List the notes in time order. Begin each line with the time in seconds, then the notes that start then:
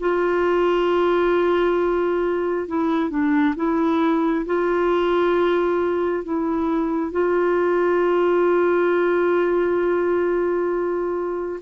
0.00 F4
2.68 E4
3.10 D4
3.56 E4
4.46 F4
6.24 E4
7.12 F4